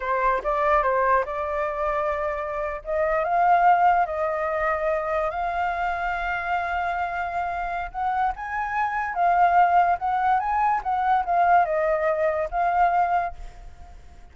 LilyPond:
\new Staff \with { instrumentName = "flute" } { \time 4/4 \tempo 4 = 144 c''4 d''4 c''4 d''4~ | d''2~ d''8. dis''4 f''16~ | f''4.~ f''16 dis''2~ dis''16~ | dis''8. f''2.~ f''16~ |
f''2. fis''4 | gis''2 f''2 | fis''4 gis''4 fis''4 f''4 | dis''2 f''2 | }